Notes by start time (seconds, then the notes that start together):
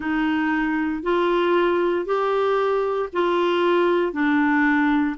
0.00 D#4
1.03 F4
2.05 G4
3.13 F4
4.12 D4